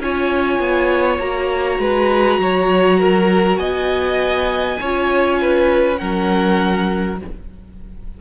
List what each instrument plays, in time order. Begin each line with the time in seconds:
0.00 cello C#4, viola F4, violin C#5 G#5
0.59 cello B3
1.19 cello A#3, viola F#4, violin A#5
1.79 cello G#3, violin B4
2.39 cello F#3, violin C#5
3.00 violin A#4
3.57 cello B3, violin D#5 G#5
4.81 cello C#4, viola F4, violin C#5
5.42 violin B4
5.98 cello F#3, viola C#4, violin A#4 F#5